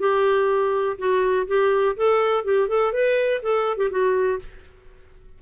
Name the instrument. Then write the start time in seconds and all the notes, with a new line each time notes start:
clarinet
0.00 G4
0.98 F#4
1.48 G4
1.97 A4
2.45 G4
2.69 A4
2.93 B4
3.43 A4
3.78 G4
3.91 F#4